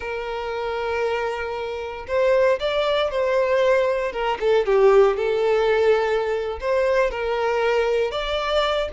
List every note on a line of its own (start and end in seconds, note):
0.00 2.06 A#4
2.07 2.59 C5
2.59 3.10 D5
3.10 4.12 C5
4.12 4.38 A#4
4.40 4.66 A4
4.66 5.17 G4
5.17 6.59 A4
6.60 7.11 C5
7.11 8.11 A#4
8.11 8.88 D5